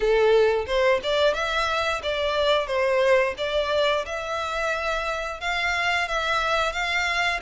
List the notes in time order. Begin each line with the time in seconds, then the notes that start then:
0.00 A4
0.66 C5
1.03 D5
1.34 E5
2.02 D5
2.67 C5
3.37 D5
4.05 E5
5.40 F5
6.08 E5
6.72 F5